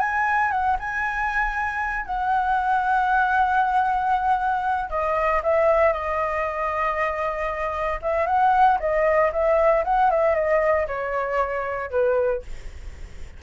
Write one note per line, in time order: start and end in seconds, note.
0.00 0.51 G#5
0.51 0.77 F#5
0.79 2.06 G#5
2.06 4.90 F#5
4.90 5.42 D#5
5.43 5.93 E5
5.93 8.00 D#5
8.02 8.26 E5
8.26 8.78 F#5
8.80 9.32 D#5
9.32 9.84 E5
9.85 10.11 F#5
10.11 10.35 E5
10.35 10.87 D#5
10.87 11.91 C#5
11.91 12.42 B4